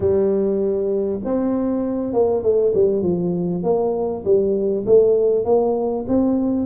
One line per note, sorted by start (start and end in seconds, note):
0.00 1.20 G3
1.24 2.13 C4
2.13 2.42 A#3
2.42 2.73 A3
2.74 3.02 G3
3.02 3.63 F3
3.63 4.23 A#3
4.24 4.85 G3
4.85 5.44 A3
5.44 6.05 A#3
6.08 6.66 C4